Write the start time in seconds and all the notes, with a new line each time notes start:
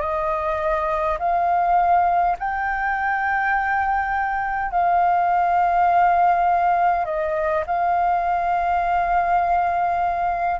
0.00 D#5
1.19 F5
2.39 G5
4.71 F5
7.05 D#5
7.66 F5